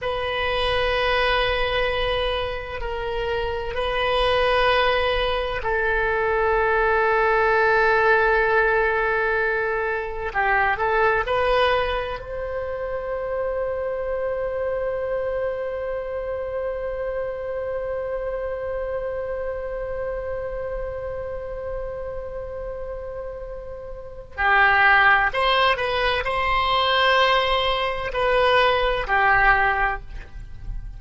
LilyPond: \new Staff \with { instrumentName = "oboe" } { \time 4/4 \tempo 4 = 64 b'2. ais'4 | b'2 a'2~ | a'2. g'8 a'8 | b'4 c''2.~ |
c''1~ | c''1~ | c''2 g'4 c''8 b'8 | c''2 b'4 g'4 | }